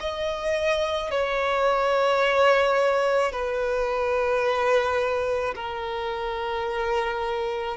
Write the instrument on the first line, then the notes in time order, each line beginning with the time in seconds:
violin
0.00 D#5
1.11 C#5
3.32 B4
5.55 A#4